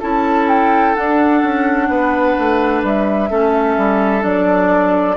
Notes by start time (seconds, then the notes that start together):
0.00 C#4 E4 A4 A5
0.48 G5
0.95 D4 F#5
1.43 C#4
1.89 B3 B4
2.39 A3
2.83 G3 E5
3.30 A3 C#4 A4
3.77 G3
4.21 F#3 D4 D5